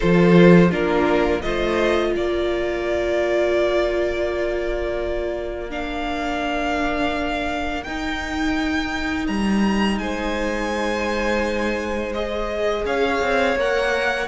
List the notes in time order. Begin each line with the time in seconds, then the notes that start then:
0.00 F3 F4 A4 C5
0.69 A#3 D4 F4 A#4
1.41 A3 F4 C5 D#5
2.11 A#3 A#4 D5
5.69 D4 F5
7.83 D#4 G5
9.27 G3 A#5
9.98 G#3 C5 G#5
12.13 G#4 D#5
12.85 C#4 C#5 F5
13.21 C4
13.56 A#3 A#4 F#5